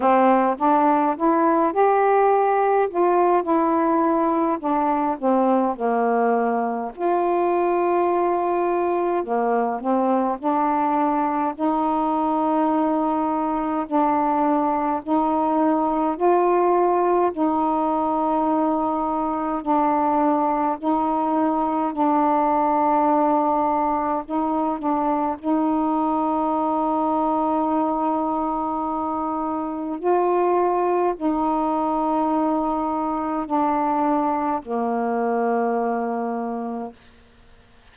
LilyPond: \new Staff \with { instrumentName = "saxophone" } { \time 4/4 \tempo 4 = 52 c'8 d'8 e'8 g'4 f'8 e'4 | d'8 c'8 ais4 f'2 | ais8 c'8 d'4 dis'2 | d'4 dis'4 f'4 dis'4~ |
dis'4 d'4 dis'4 d'4~ | d'4 dis'8 d'8 dis'2~ | dis'2 f'4 dis'4~ | dis'4 d'4 ais2 | }